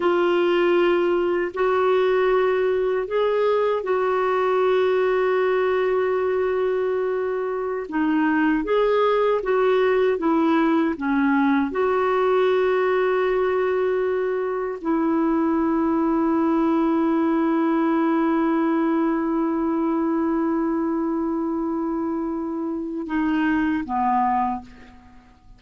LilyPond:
\new Staff \with { instrumentName = "clarinet" } { \time 4/4 \tempo 4 = 78 f'2 fis'2 | gis'4 fis'2.~ | fis'2~ fis'16 dis'4 gis'8.~ | gis'16 fis'4 e'4 cis'4 fis'8.~ |
fis'2.~ fis'16 e'8.~ | e'1~ | e'1~ | e'2 dis'4 b4 | }